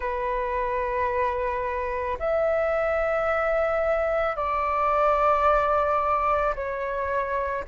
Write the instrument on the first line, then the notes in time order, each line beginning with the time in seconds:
flute
0.00 B4
2.19 E5
4.36 D5
6.55 C#5